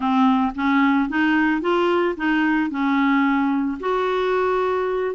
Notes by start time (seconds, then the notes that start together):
0.00 C4
0.55 C#4
1.09 D#4
1.61 F4
2.16 D#4
2.70 C#4
3.80 F#4